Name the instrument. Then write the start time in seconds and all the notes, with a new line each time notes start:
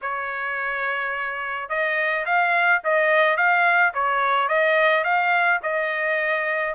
trumpet
0.01 C#5
1.69 D#5
2.25 F5
2.84 D#5
3.36 F5
3.94 C#5
4.48 D#5
5.03 F5
5.62 D#5